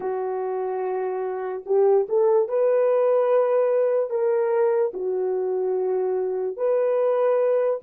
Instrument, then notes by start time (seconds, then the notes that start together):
horn
0.00 F#4
1.66 G4
2.08 A4
2.48 B4
4.09 A#4
4.93 F#4
6.56 B4